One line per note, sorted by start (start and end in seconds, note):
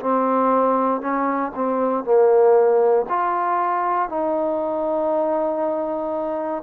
0.00 1.00 C4
1.00 1.51 C#4
1.55 2.04 C4
2.04 3.06 A#3
3.09 4.09 F4
4.09 6.62 D#4